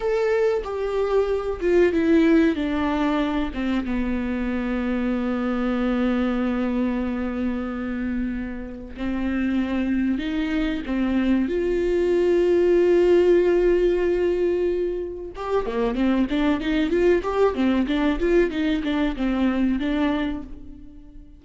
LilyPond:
\new Staff \with { instrumentName = "viola" } { \time 4/4 \tempo 4 = 94 a'4 g'4. f'8 e'4 | d'4. c'8 b2~ | b1~ | b2 c'2 |
dis'4 c'4 f'2~ | f'1 | g'8 ais8 c'8 d'8 dis'8 f'8 g'8 c'8 | d'8 f'8 dis'8 d'8 c'4 d'4 | }